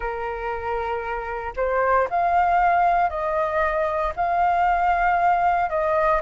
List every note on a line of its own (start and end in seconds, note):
0.00 1.53 A#4
1.56 2.08 C5
2.10 3.09 F5
3.09 4.12 D#5
4.16 5.69 F5
5.69 6.21 D#5